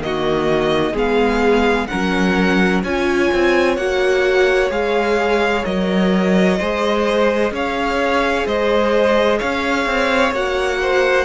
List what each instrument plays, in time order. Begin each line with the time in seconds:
0.00 cello D#3, viola A#3, violin D#5
0.06 violin F#4
0.93 cello G#3, viola B3, violin G#4 F5
1.88 cello F#3, viola C#4, violin A#4 F#5
2.84 cello C#4, viola F4, violin C#5 G#5
3.34 cello C4
3.77 cello A#3, viola F#4, violin F#5
4.71 cello G#3, viola G#4, violin F5
5.64 cello F#3, viola A#4, violin D#5
6.59 cello G#3, viola G#4, violin C5
7.52 cello C#4, violin C#5 F5
8.46 cello G#3, violin C5 D#5
9.39 cello C#4, violin C#5 F5
9.86 cello C4
10.32 cello A#3, viola F#4, violin F#5
10.82 violin C5